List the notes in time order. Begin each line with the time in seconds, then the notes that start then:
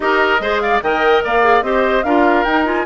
0.00 D#4 G4 A#4 D#5
0.39 G#3 G#4 C5
0.60 D5 F5
0.82 D#3 A#4 D#5 G5
1.24 A#3 D5 F5
1.41 G#4
1.62 C4 G4 C5 D#5
2.03 D4 F4 A#4 F5
2.44 D#4 G5
2.65 F4 G#5